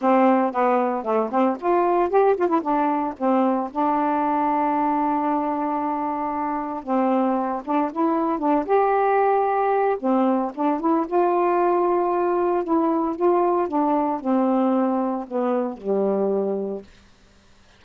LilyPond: \new Staff \with { instrumentName = "saxophone" } { \time 4/4 \tempo 4 = 114 c'4 b4 a8 c'8 f'4 | g'8 f'16 e'16 d'4 c'4 d'4~ | d'1~ | d'4 c'4. d'8 e'4 |
d'8 g'2~ g'8 c'4 | d'8 e'8 f'2. | e'4 f'4 d'4 c'4~ | c'4 b4 g2 | }